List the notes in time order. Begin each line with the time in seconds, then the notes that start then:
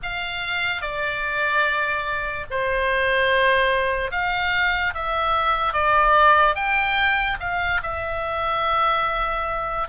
0.02 F5
0.81 D5
2.50 C5
4.11 F5
4.94 E5
5.73 D5
6.55 G5
7.40 F5
7.83 E5